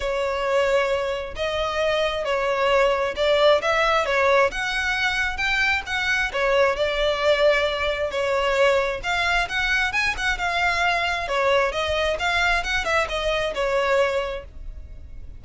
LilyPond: \new Staff \with { instrumentName = "violin" } { \time 4/4 \tempo 4 = 133 cis''2. dis''4~ | dis''4 cis''2 d''4 | e''4 cis''4 fis''2 | g''4 fis''4 cis''4 d''4~ |
d''2 cis''2 | f''4 fis''4 gis''8 fis''8 f''4~ | f''4 cis''4 dis''4 f''4 | fis''8 e''8 dis''4 cis''2 | }